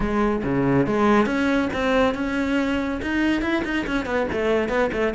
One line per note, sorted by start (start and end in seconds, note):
0.00 0.42 G#3
0.43 0.86 C#3
0.86 1.26 G#3
1.26 1.69 C#4
1.73 2.14 C4
2.14 3.00 C#4
3.01 3.41 D#4
3.41 3.63 E4
3.64 3.86 D#4
3.86 4.05 C#4
4.05 4.26 B3
4.32 4.68 A3
4.68 4.90 B3
4.92 5.14 A3